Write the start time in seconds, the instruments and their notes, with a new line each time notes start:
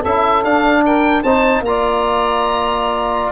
0.00 tuba C#4, trombone E4, saxophone A4, oboe E5
0.44 trombone D4, tuba D4, oboe F5
0.85 saxophone A#4, oboe G5
1.22 tuba C4, trombone D#4, saxophone C5, oboe A5
1.60 tuba A#3, trombone F4, oboe A#5
1.67 saxophone D5